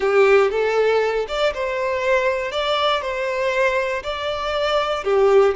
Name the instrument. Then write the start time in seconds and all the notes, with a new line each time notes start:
violin
0.00 G4
0.50 A4
1.28 D5
1.54 C5
2.51 D5
3.01 C5
4.03 D5
5.04 G4